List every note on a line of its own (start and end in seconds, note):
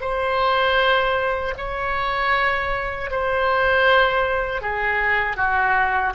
0.00 1.54 C5
1.57 3.10 C#5
3.10 4.61 C5
4.61 5.36 G#4
5.36 6.13 F#4